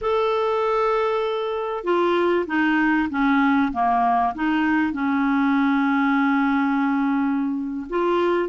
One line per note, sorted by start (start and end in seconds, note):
0.01 1.84 A4
1.84 2.45 F4
2.46 3.08 D#4
3.10 3.72 C#4
3.72 4.34 A#3
4.34 4.93 D#4
4.93 7.86 C#4
7.89 8.49 F4